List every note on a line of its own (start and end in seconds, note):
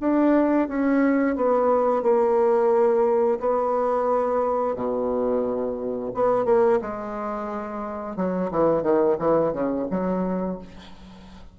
0.00 0.68 D4
0.68 1.36 C#4
1.36 2.02 B3
2.02 3.39 A#3
3.39 4.75 B3
4.75 6.11 B2
6.14 6.45 B3
6.45 6.79 A#3
6.81 8.16 G#3
8.16 8.50 F#3
8.51 8.82 E3
8.82 9.16 D#3
9.19 9.52 E3
9.52 9.86 C#3
9.90 10.58 F#3